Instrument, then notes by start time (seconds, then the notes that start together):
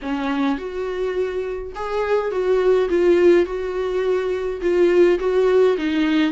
viola
0.02 C#4
0.57 F#4
1.75 G#4
2.31 F#4
2.89 F4
3.45 F#4
4.61 F4
5.19 F#4
5.77 D#4